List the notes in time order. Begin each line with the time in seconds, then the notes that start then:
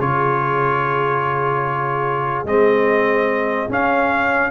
0.00 C#3 F4 G#4 C#5
2.45 G#3 C4 D#5
3.69 C#4 F5